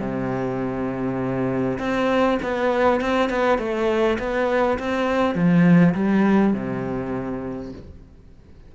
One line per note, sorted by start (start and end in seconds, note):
0.00 1.78 C3
1.79 2.38 C4
2.42 3.01 B3
3.01 3.29 C4
3.29 3.58 B3
3.58 4.18 A3
4.19 4.78 B3
4.79 5.35 C4
5.35 5.94 F3
5.95 6.53 G3
6.53 7.72 C3